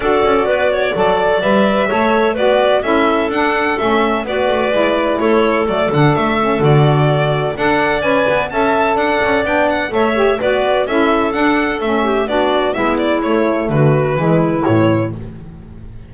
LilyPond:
<<
  \new Staff \with { instrumentName = "violin" } { \time 4/4 \tempo 4 = 127 d''2. e''4~ | e''4 d''4 e''4 fis''4 | e''4 d''2 cis''4 | d''8 fis''8 e''4 d''2 |
fis''4 gis''4 a''4 fis''4 | g''8 fis''8 e''4 d''4 e''4 | fis''4 e''4 d''4 e''8 d''8 | cis''4 b'2 cis''4 | }
  \new Staff \with { instrumentName = "clarinet" } { \time 4/4 a'4 b'8 cis''8 d''2 | cis''4 b'4 a'2~ | a'4 b'2 a'4~ | a'1 |
d''2 e''4 d''4~ | d''4 cis''4 b'4 a'4~ | a'4. g'8 fis'4 e'4~ | e'4 fis'4 e'2 | }
  \new Staff \with { instrumentName = "saxophone" } { \time 4/4 fis'2 a'4 b'4 | a'4 fis'4 e'4 d'4 | cis'4 fis'4 e'2 | a8 d'4 cis'8 fis'2 |
a'4 b'4 a'2 | d'4 a'8 g'8 fis'4 e'4 | d'4 cis'4 d'4 b4 | a2 gis4 e4 | }
  \new Staff \with { instrumentName = "double bass" } { \time 4/4 d'8 cis'8 b4 fis4 g4 | a4 b4 cis'4 d'4 | a4 b8 a8 gis4 a4 | fis8 d8 a4 d2 |
d'4 cis'8 b8 cis'4 d'8 cis'8 | b4 a4 b4 cis'4 | d'4 a4 b4 gis4 | a4 d4 e4 a,4 | }
>>